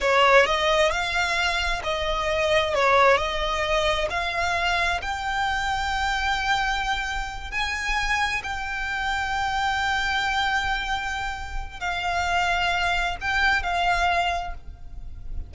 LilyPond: \new Staff \with { instrumentName = "violin" } { \time 4/4 \tempo 4 = 132 cis''4 dis''4 f''2 | dis''2 cis''4 dis''4~ | dis''4 f''2 g''4~ | g''1~ |
g''8 gis''2 g''4.~ | g''1~ | g''2 f''2~ | f''4 g''4 f''2 | }